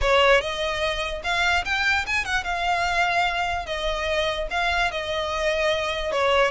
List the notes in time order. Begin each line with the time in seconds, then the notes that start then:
0.01 C#5
0.40 D#5
1.23 F5
1.64 G5
2.06 G#5
2.24 F#5
2.44 F5
3.65 D#5
4.50 F5
4.91 D#5
6.12 C#5